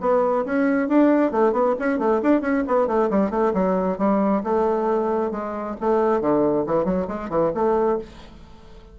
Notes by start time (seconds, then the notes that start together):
0.00 B3
0.45 C#4
0.88 D4
1.31 A3
1.52 B3
1.79 C#4
1.98 A3
2.22 D4
2.41 C#4
2.67 B3
2.87 A3
3.10 G3
3.30 A3
3.53 F#3
3.97 G3
4.43 A3
5.31 G#3
5.80 A3
6.20 D3
6.66 E3
6.84 F#3
7.07 G#3
7.29 E3
7.54 A3